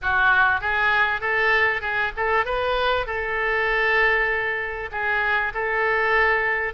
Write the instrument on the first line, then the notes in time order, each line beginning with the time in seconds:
oboe
0.02 F#4
0.60 G#4
1.21 A4
1.81 G#4
2.16 A4
2.45 B4
3.06 A4
4.91 G#4
5.54 A4